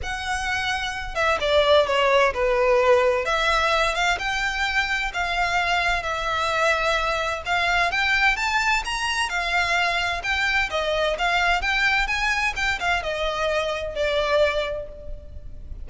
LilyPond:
\new Staff \with { instrumentName = "violin" } { \time 4/4 \tempo 4 = 129 fis''2~ fis''8 e''8 d''4 | cis''4 b'2 e''4~ | e''8 f''8 g''2 f''4~ | f''4 e''2. |
f''4 g''4 a''4 ais''4 | f''2 g''4 dis''4 | f''4 g''4 gis''4 g''8 f''8 | dis''2 d''2 | }